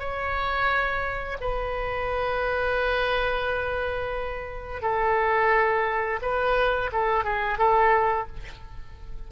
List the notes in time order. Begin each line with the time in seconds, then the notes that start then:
0.00 C#5
1.41 B4
4.82 A4
6.22 B4
6.93 A4
7.25 G#4
7.59 A4